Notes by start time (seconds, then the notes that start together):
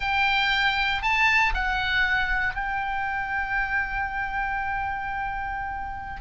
0.00 G5
1.02 A5
1.54 F#5
2.54 G5